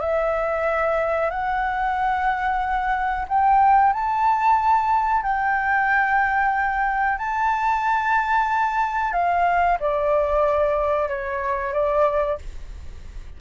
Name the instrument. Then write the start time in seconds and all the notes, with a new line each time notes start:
flute
0.00 E5
1.30 F#5
3.28 G5
3.93 A5
5.22 G5
7.18 A5
9.12 F5
9.80 D5
11.08 C#5
11.73 D5